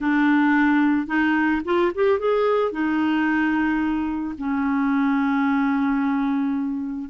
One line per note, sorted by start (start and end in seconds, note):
0.00 1.06 D4
1.06 1.61 D#4
1.64 1.91 F4
1.94 2.19 G4
2.19 2.71 G#4
2.71 4.35 D#4
4.38 7.10 C#4